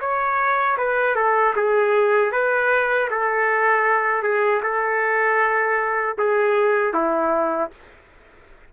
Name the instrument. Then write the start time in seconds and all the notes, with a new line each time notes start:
trumpet
0.00 C#5
0.77 B4
1.15 A4
1.56 G#4
2.31 B4
3.10 A4
4.23 G#4
4.62 A4
6.17 G#4
6.93 E4